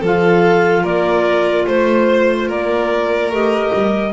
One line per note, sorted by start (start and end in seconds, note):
0.00 0.83 F3
0.00 3.31 F4
0.00 0.82 A4
0.00 0.84 F5
0.83 1.65 A#3
0.83 1.65 A#4
0.83 1.66 D5
1.66 2.48 A3
1.66 2.48 C5
1.66 2.49 C5
2.48 3.30 A#3
2.48 4.12 A#4
2.48 3.32 D5
3.30 3.71 A3
3.30 4.12 G4
3.30 4.12 D#5
3.73 4.12 G3